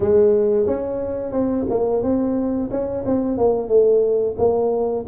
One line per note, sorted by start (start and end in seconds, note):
0.00 0.66 G#3
0.66 1.31 C#4
1.31 1.65 C4
1.69 2.02 A#3
2.02 2.70 C4
2.70 3.04 C#4
3.05 3.37 C4
3.37 3.68 A#3
3.68 4.35 A3
4.38 5.05 A#3